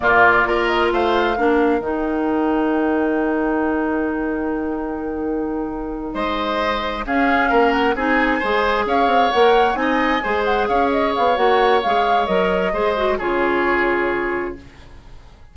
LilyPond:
<<
  \new Staff \with { instrumentName = "flute" } { \time 4/4 \tempo 4 = 132 d''4. dis''8 f''2 | g''1~ | g''1~ | g''4. dis''2 f''8~ |
f''4 fis''8 gis''2 f''8~ | f''8 fis''4 gis''4. fis''8 f''8 | dis''8 f''8 fis''4 f''4 dis''4~ | dis''4 cis''2. | }
  \new Staff \with { instrumentName = "oboe" } { \time 4/4 f'4 ais'4 c''4 ais'4~ | ais'1~ | ais'1~ | ais'4. c''2 gis'8~ |
gis'8 ais'4 gis'4 c''4 cis''8~ | cis''4. dis''4 c''4 cis''8~ | cis''1 | c''4 gis'2. | }
  \new Staff \with { instrumentName = "clarinet" } { \time 4/4 ais4 f'2 d'4 | dis'1~ | dis'1~ | dis'2.~ dis'8 cis'8~ |
cis'4. dis'4 gis'4.~ | gis'8 ais'4 dis'4 gis'4.~ | gis'4 fis'4 gis'4 ais'4 | gis'8 fis'8 f'2. | }
  \new Staff \with { instrumentName = "bassoon" } { \time 4/4 ais,4 ais4 a4 ais4 | dis1~ | dis1~ | dis4. gis2 cis'8~ |
cis'8 ais4 c'4 gis4 cis'8 | c'8 ais4 c'4 gis4 cis'8~ | cis'8 b8 ais4 gis4 fis4 | gis4 cis2. | }
>>